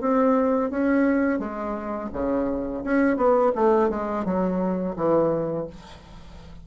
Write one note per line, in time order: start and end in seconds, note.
0.00 0.70 C4
0.70 1.39 C#4
1.39 2.10 G#3
2.13 2.83 C#3
2.84 3.17 C#4
3.17 3.52 B3
3.55 3.89 A3
3.89 4.24 G#3
4.24 4.95 F#3
4.96 5.67 E3